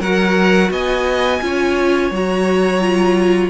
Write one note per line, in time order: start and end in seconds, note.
0.00 0.70 F#3
0.00 1.41 F#4
0.00 0.70 A#4
0.00 0.71 F#5
0.70 1.40 B3
0.70 1.41 D#5
0.70 2.12 G#5
1.41 2.11 C#4
1.41 2.11 F4
1.41 3.50 C#5
2.11 3.50 F#3
2.11 2.80 F#4
2.11 3.50 A#5
2.80 3.50 F4